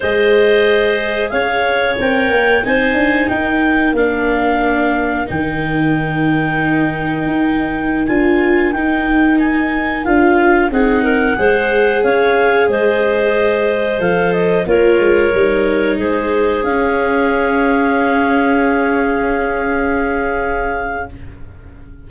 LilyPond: <<
  \new Staff \with { instrumentName = "clarinet" } { \time 4/4 \tempo 4 = 91 dis''2 f''4 g''4 | gis''4 g''4 f''2 | g''1~ | g''16 gis''4 g''4 gis''4 f''8.~ |
f''16 fis''2 f''4 dis''8.~ | dis''4~ dis''16 f''8 dis''8 cis''4.~ cis''16~ | cis''16 c''4 f''2~ f''8.~ | f''1 | }
  \new Staff \with { instrumentName = "clarinet" } { \time 4/4 c''2 cis''2 | c''4 ais'2.~ | ais'1~ | ais'1~ |
ais'16 gis'8 ais'8 c''4 cis''4 c''8.~ | c''2~ c''16 ais'4.~ ais'16~ | ais'16 gis'2.~ gis'8.~ | gis'1 | }
  \new Staff \with { instrumentName = "viola" } { \time 4/4 gis'2. ais'4 | dis'2 d'2 | dis'1~ | dis'16 f'4 dis'2 f'8.~ |
f'16 dis'4 gis'2~ gis'8.~ | gis'4~ gis'16 a'4 f'4 dis'8.~ | dis'4~ dis'16 cis'2~ cis'8.~ | cis'1 | }
  \new Staff \with { instrumentName = "tuba" } { \time 4/4 gis2 cis'4 c'8 ais8 | c'8 d'8 dis'4 ais2 | dis2. dis'4~ | dis'16 d'4 dis'2 d'8.~ |
d'16 c'4 gis4 cis'4 gis8.~ | gis4~ gis16 f4 ais8 gis8 g8.~ | g16 gis4 cis'2~ cis'8.~ | cis'1 | }
>>